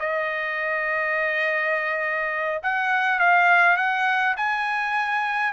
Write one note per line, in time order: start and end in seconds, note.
0.00 2.62 D#5
2.63 3.20 F#5
3.20 3.77 F5
3.77 4.36 F#5
4.37 5.53 G#5